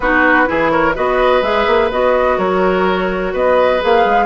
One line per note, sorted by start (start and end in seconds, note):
0.00 0.47 B3
0.00 0.46 D#4
0.00 0.48 F#4
0.00 0.70 B4
0.46 0.96 E3
0.46 0.93 E4
0.46 0.71 G#4
0.70 0.95 A#4
0.70 0.94 C#5
0.94 1.42 B3
0.94 1.42 F#4
0.94 2.37 B4
0.94 1.43 D#5
1.42 1.66 G#3
1.42 1.90 G#4
1.42 1.90 E5
1.66 1.90 A#3
1.91 2.38 B3
1.91 3.80 F#4
1.91 2.38 D#5
2.37 3.33 F#3
2.37 3.33 A#4
2.37 3.33 C#5
3.33 3.81 B3
3.33 4.25 B4
3.33 3.82 D#5
3.80 4.05 A#3
3.80 4.25 G#4
3.80 4.25 F5
4.05 4.25 G#3